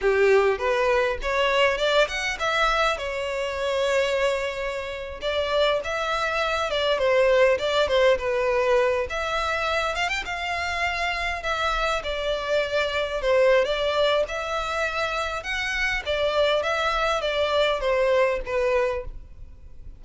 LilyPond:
\new Staff \with { instrumentName = "violin" } { \time 4/4 \tempo 4 = 101 g'4 b'4 cis''4 d''8 fis''8 | e''4 cis''2.~ | cis''8. d''4 e''4. d''8 c''16~ | c''8. d''8 c''8 b'4. e''8.~ |
e''8. f''16 g''16 f''2 e''8.~ | e''16 d''2 c''8. d''4 | e''2 fis''4 d''4 | e''4 d''4 c''4 b'4 | }